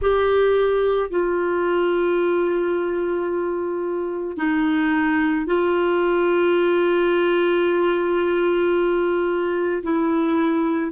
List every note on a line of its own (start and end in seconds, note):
0.01 1.10 G4
1.10 4.37 F4
4.37 5.45 D#4
5.45 9.82 F4
9.82 10.91 E4